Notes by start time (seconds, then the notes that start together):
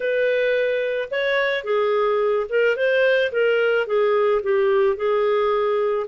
0.00 B4
1.10 C#5
1.64 G#4
2.49 A#4
2.76 C5
3.32 A#4
3.86 G#4
4.42 G4
4.96 G#4